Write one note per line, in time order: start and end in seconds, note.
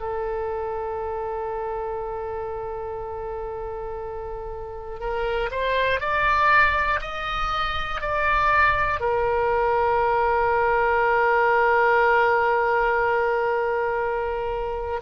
0.00 5.00 A4
5.00 5.50 A#4
5.51 6.00 C5
6.00 7.00 D5
7.01 8.01 D#5
8.01 9.00 D5
9.00 15.00 A#4